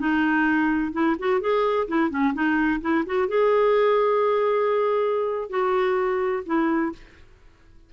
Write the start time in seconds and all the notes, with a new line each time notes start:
0.00 D#4
0.93 E4
1.20 F#4
1.41 G#4
1.88 E4
2.11 C#4
2.34 D#4
2.81 E4
3.06 F#4
3.29 G#4
5.50 F#4
6.46 E4